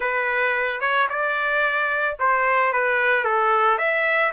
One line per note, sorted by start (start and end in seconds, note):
0.00 0.80 B4
0.80 1.07 C#5
1.09 2.17 D5
2.19 2.72 C5
2.72 3.24 B4
3.24 3.78 A4
3.78 4.32 E5